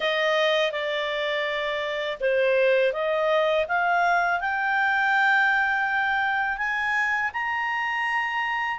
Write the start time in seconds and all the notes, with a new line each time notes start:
0.00 D#5
0.71 D5
2.20 C5
2.92 D#5
3.68 F5
4.40 G5
6.57 G#5
7.33 A#5